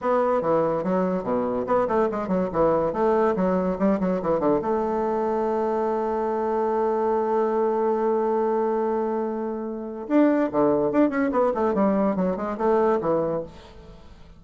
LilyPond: \new Staff \with { instrumentName = "bassoon" } { \time 4/4 \tempo 4 = 143 b4 e4 fis4 b,4 | b8 a8 gis8 fis8 e4 a4 | fis4 g8 fis8 e8 d8 a4~ | a1~ |
a1~ | a1 | d'4 d4 d'8 cis'8 b8 a8 | g4 fis8 gis8 a4 e4 | }